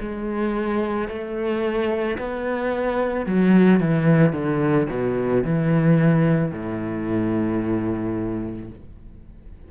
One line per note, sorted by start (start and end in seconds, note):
0.00 1.08 G#3
1.08 2.17 A3
2.18 3.26 B3
3.26 3.80 F#3
3.80 4.33 E3
4.33 4.87 D3
4.89 5.44 B2
5.44 6.52 E3
6.52 8.70 A2